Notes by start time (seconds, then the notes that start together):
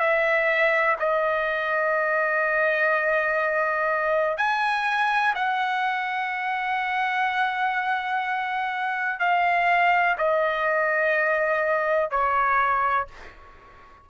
0.00 E5
1.00 D#5
4.38 G#5
5.35 F#5
9.20 F5
10.18 D#5
12.11 C#5